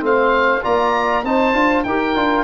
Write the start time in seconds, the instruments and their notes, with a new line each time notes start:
0.00 tuba A3, trombone C4, saxophone C5, oboe F5
0.63 tuba A#3, trombone F4, saxophone D5, oboe A#5
1.24 tuba C4, trombone D#4, saxophone C5, oboe A5
1.54 tuba D4, trombone F4
1.84 tuba D#4, trombone G4, saxophone A#4, oboe G5
2.16 tuba D4, trombone F4